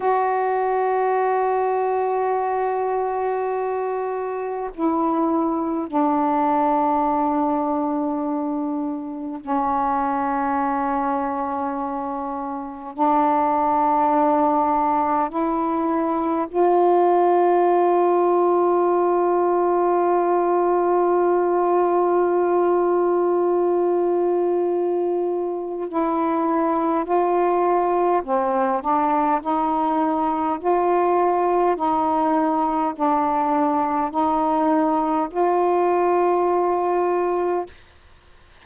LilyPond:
\new Staff \with { instrumentName = "saxophone" } { \time 4/4 \tempo 4 = 51 fis'1 | e'4 d'2. | cis'2. d'4~ | d'4 e'4 f'2~ |
f'1~ | f'2 e'4 f'4 | c'8 d'8 dis'4 f'4 dis'4 | d'4 dis'4 f'2 | }